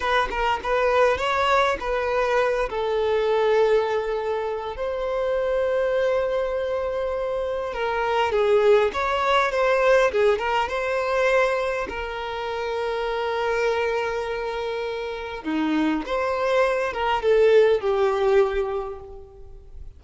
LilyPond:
\new Staff \with { instrumentName = "violin" } { \time 4/4 \tempo 4 = 101 b'8 ais'8 b'4 cis''4 b'4~ | b'8 a'2.~ a'8 | c''1~ | c''4 ais'4 gis'4 cis''4 |
c''4 gis'8 ais'8 c''2 | ais'1~ | ais'2 dis'4 c''4~ | c''8 ais'8 a'4 g'2 | }